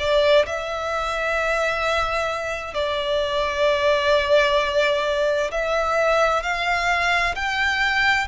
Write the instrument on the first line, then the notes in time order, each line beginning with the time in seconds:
violin
0.00 D5
0.47 E5
2.74 D5
5.52 E5
6.43 F5
7.36 G5